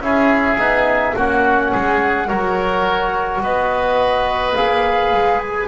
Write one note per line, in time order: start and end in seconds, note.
0.00 0.57 C#4
0.00 0.58 E4
0.00 1.16 G#4
0.00 1.17 E5
0.58 1.15 B3
0.58 1.14 D#4
1.16 1.73 A#3
1.16 2.28 C#4
1.16 1.71 F#4
1.16 2.29 F#5
1.71 2.30 G#3
1.71 2.28 G#4
2.28 3.41 F#3
2.28 4.54 F#4
2.28 3.41 A#4
2.28 3.42 C#5
3.41 4.54 B3
3.41 5.68 B4
3.41 4.55 D#5
4.55 5.12 A#3
4.55 5.68 G#4
4.55 5.39 F5
5.12 5.68 G#3
5.39 5.68 G#5